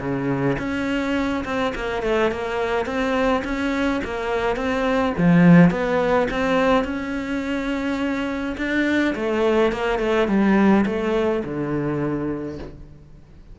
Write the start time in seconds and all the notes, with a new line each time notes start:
0.00 C#3
0.59 C#4
1.45 C4
1.75 A#3
2.03 A3
2.32 A#3
2.86 C4
3.45 C#4
4.04 A#3
4.56 C4
5.18 F3
5.71 B3
6.31 C4
6.85 C#4
8.58 D4
9.16 A3
9.72 A#3
9.99 A3
10.28 G3
10.86 A3
11.44 D3